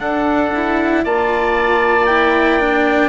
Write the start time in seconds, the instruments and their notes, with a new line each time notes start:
0.00 cello D4, bassoon D4, oboe A4, trumpet F#5
0.55 cello E4
1.04 bassoon A#3, cello F4, oboe D5, trumpet A5
2.06 cello E4, trumpet G5
2.60 cello D4